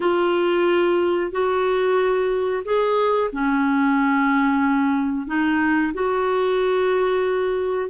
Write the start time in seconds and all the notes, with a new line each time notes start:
0.00 F4
1.31 F#4
2.65 G#4
3.32 C#4
5.26 D#4
5.93 F#4